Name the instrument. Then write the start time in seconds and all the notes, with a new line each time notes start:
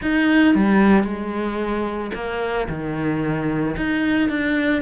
cello
0.01 D#4
0.54 G3
1.03 G#3
2.14 A#3
2.69 D#3
3.76 D#4
4.29 D4